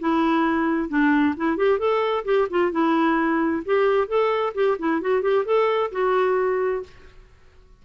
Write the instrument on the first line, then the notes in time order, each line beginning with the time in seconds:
clarinet
0.00 E4
0.89 D4
1.37 E4
1.57 G4
1.79 A4
2.25 G4
2.51 F4
2.72 E4
3.66 G4
4.08 A4
4.55 G4
4.79 E4
5.02 F#4
5.22 G4
5.46 A4
5.92 F#4